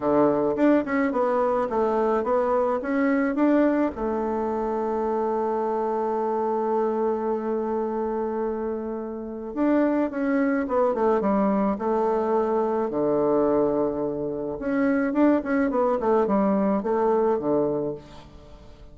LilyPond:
\new Staff \with { instrumentName = "bassoon" } { \time 4/4 \tempo 4 = 107 d4 d'8 cis'8 b4 a4 | b4 cis'4 d'4 a4~ | a1~ | a1~ |
a4 d'4 cis'4 b8 a8 | g4 a2 d4~ | d2 cis'4 d'8 cis'8 | b8 a8 g4 a4 d4 | }